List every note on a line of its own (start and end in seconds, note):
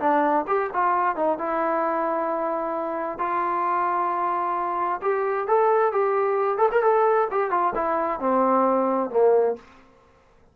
0.00 0.45 D4
0.47 0.70 G4
0.74 1.16 F4
1.16 1.38 D#4
1.38 3.19 E4
3.19 5.00 F4
5.02 5.47 G4
5.47 5.92 A4
5.92 6.58 G4
6.58 6.69 A4
6.72 6.82 A#4
6.82 7.28 A4
7.31 7.51 G4
7.51 7.73 F4
7.75 8.20 E4
8.20 9.11 C4
9.11 9.56 A#3